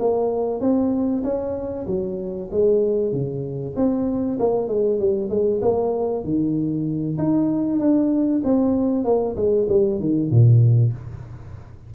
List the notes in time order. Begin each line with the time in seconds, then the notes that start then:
0.00 A#3
0.61 C4
1.24 C#4
1.88 F#3
2.52 G#3
3.13 C#3
3.76 C4
4.39 A#3
4.69 G#3
5.00 G3
5.30 G#3
5.62 A#3
6.24 D#3
7.18 D#4
7.80 D4
8.45 C4
9.05 A#3
9.37 G#3
9.70 G3
10.00 D#3
10.31 A#2